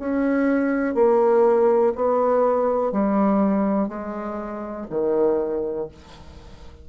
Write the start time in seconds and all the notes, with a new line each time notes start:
0.00 C#4
0.95 A#3
1.96 B3
2.92 G3
3.89 G#3
4.90 D#3